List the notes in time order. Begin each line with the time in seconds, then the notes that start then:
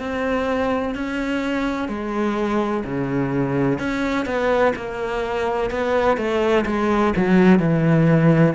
0.00 C4
0.95 C#4
1.89 G#3
2.85 C#3
3.80 C#4
4.26 B3
4.76 A#3
5.71 B3
6.18 A3
6.66 G#3
7.17 F#3
7.60 E3